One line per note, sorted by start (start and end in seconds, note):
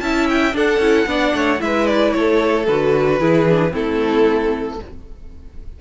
0.00 0.54 C#4
0.00 0.52 E4
0.00 0.56 E5
0.00 0.27 A5
0.29 0.56 G5
0.52 0.79 D4
0.52 1.09 A4
0.52 1.61 F#5
0.79 1.05 C#4
0.79 1.07 E4
1.06 1.32 B3
1.06 1.59 D4
1.06 1.35 D5
1.34 1.60 A3
1.34 1.61 C#5
1.59 2.14 G#3
1.59 2.65 E4
1.59 2.16 B4
1.59 1.86 E5
1.86 2.12 D5
2.12 2.67 A3
2.12 3.19 A4
2.12 2.66 C#5
2.67 3.20 D3
2.67 3.20 F#4
2.67 3.73 B4
3.19 3.73 E3
3.19 3.46 E4
3.19 3.72 G#4
3.49 3.70 D4
3.70 4.80 A3
3.70 4.76 C4
3.70 4.79 E4
3.70 4.81 A4